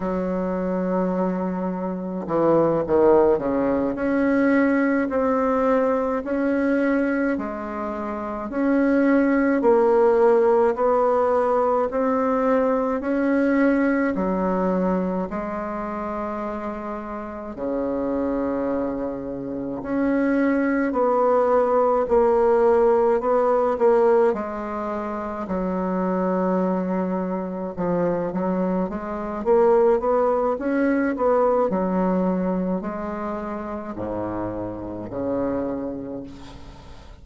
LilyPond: \new Staff \with { instrumentName = "bassoon" } { \time 4/4 \tempo 4 = 53 fis2 e8 dis8 cis8 cis'8~ | cis'8 c'4 cis'4 gis4 cis'8~ | cis'8 ais4 b4 c'4 cis'8~ | cis'8 fis4 gis2 cis8~ |
cis4. cis'4 b4 ais8~ | ais8 b8 ais8 gis4 fis4.~ | fis8 f8 fis8 gis8 ais8 b8 cis'8 b8 | fis4 gis4 gis,4 cis4 | }